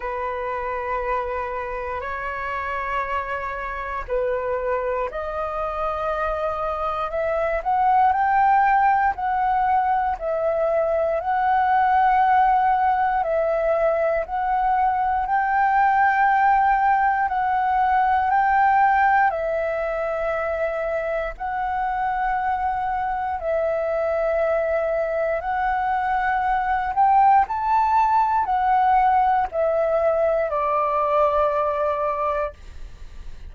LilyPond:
\new Staff \with { instrumentName = "flute" } { \time 4/4 \tempo 4 = 59 b'2 cis''2 | b'4 dis''2 e''8 fis''8 | g''4 fis''4 e''4 fis''4~ | fis''4 e''4 fis''4 g''4~ |
g''4 fis''4 g''4 e''4~ | e''4 fis''2 e''4~ | e''4 fis''4. g''8 a''4 | fis''4 e''4 d''2 | }